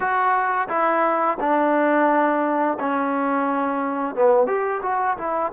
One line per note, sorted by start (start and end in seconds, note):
0.00 0.67 F#4
0.68 1.37 E4
1.39 2.77 D4
2.79 4.15 C#4
4.15 4.46 B3
4.46 4.81 G4
4.82 5.17 F#4
5.17 5.52 E4